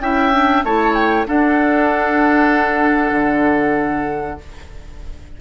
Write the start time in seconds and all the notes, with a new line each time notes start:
0.00 C#4 E4 E5 G5
0.32 D4
0.64 A3 E4 C#5 A5
0.94 G5
1.26 D4 A4 F#5
3.11 D3